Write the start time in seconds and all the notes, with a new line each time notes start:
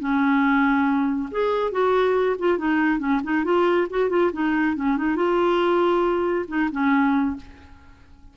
0.00 C#4
1.32 G#4
1.72 F#4
2.39 F4
2.59 D#4
3.00 C#4
3.24 D#4
3.45 F4
3.91 F#4
4.10 F4
4.33 D#4
4.76 C#4
4.98 D#4
5.17 F4
6.49 D#4
6.72 C#4